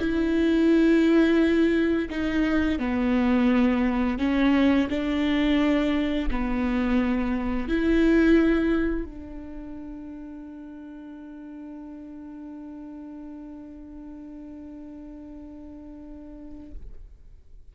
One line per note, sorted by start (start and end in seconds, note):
0.00 2.09 E4
2.10 2.80 D#4
2.80 4.19 B3
4.19 4.89 C#4
4.90 6.29 D4
6.31 7.69 B3
7.69 9.05 E4
9.05 16.73 D4